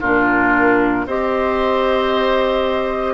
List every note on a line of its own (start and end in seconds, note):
0.00 1.06 A#2
0.00 1.08 D4
0.00 1.05 F4
0.00 1.07 A#4
1.06 3.14 C4
1.06 3.14 G4
1.06 3.14 C5
1.06 3.14 D#5